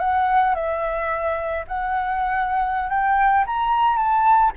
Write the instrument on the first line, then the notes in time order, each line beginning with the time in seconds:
flute
0.00 F#5
0.55 E5
1.68 F#5
2.90 G5
3.47 A#5
3.97 A5